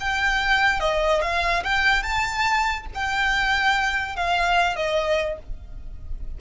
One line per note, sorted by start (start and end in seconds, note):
0.00 0.80 G5
0.80 1.21 D#5
1.22 1.63 F5
1.63 2.02 G5
2.02 2.86 A5
2.94 4.16 G5
4.16 4.76 F5
4.76 5.38 D#5